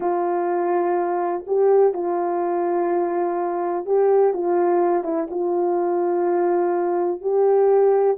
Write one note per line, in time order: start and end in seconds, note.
0.00 1.44 F4
1.46 1.93 G4
1.93 3.85 F4
3.85 4.33 G4
4.33 5.03 F4
5.03 5.27 E4
5.30 7.21 F4
7.21 8.17 G4